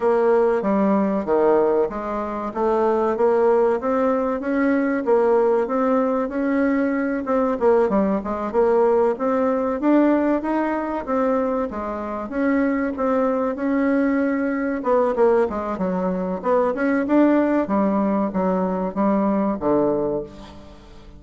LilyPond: \new Staff \with { instrumentName = "bassoon" } { \time 4/4 \tempo 4 = 95 ais4 g4 dis4 gis4 | a4 ais4 c'4 cis'4 | ais4 c'4 cis'4. c'8 | ais8 g8 gis8 ais4 c'4 d'8~ |
d'8 dis'4 c'4 gis4 cis'8~ | cis'8 c'4 cis'2 b8 | ais8 gis8 fis4 b8 cis'8 d'4 | g4 fis4 g4 d4 | }